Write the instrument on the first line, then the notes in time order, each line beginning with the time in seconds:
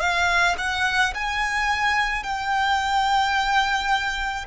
violin
0.00 F5
0.58 F#5
1.14 G#5
2.23 G5